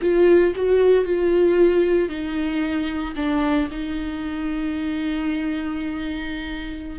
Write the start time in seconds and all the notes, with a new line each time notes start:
0.01 F4
0.55 F#4
1.04 F4
2.08 D#4
3.16 D4
3.71 D#4